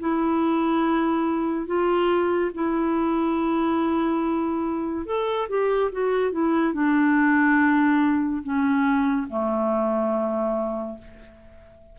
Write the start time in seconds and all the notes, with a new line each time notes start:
0.00 E4
1.67 F4
2.54 E4
5.06 A4
5.49 G4
5.92 F#4
6.32 E4
6.74 D4
8.43 C#4
9.29 A3